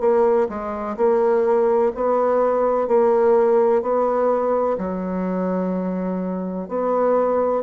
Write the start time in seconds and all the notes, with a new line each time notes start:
0.00 A#3
0.49 G#3
0.97 A#3
1.95 B3
2.88 A#3
3.82 B3
4.78 F#3
6.69 B3